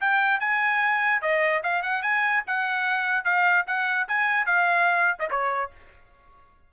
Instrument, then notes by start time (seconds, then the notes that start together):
trumpet
0.00 G5
0.40 G#5
1.21 D#5
1.63 F5
1.82 F#5
2.02 G#5
2.46 F#5
3.24 F5
3.66 F#5
4.08 G#5
4.46 F5
5.19 D#5
5.30 C#5